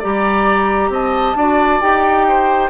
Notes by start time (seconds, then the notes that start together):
0.00 G3 G4 D5 A#5
0.90 C4 D#5 A5
1.36 D4 F#4 D5
1.81 D#4 G4 G5
2.29 C5